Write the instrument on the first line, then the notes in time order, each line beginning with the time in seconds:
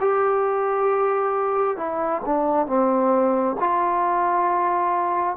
trombone
0.00 G4
1.77 E4
2.26 D4
2.67 C4
3.59 F4